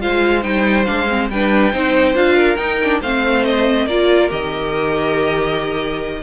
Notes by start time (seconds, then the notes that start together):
0.00 G#3 F4 C5 F5
0.42 G3 D#4 G5
0.85 G#3 D4 F5
1.08 C4
1.29 G3 D4 B4 G5
1.72 C4 D#4 C5
2.14 D4 F4 F5
2.35 A#4
2.56 D#4 G5
2.83 D4
3.01 A3 C4 C5 F5
3.45 D#5
3.86 A#3 F4 A#4 D5
4.29 D#3 G4 D#5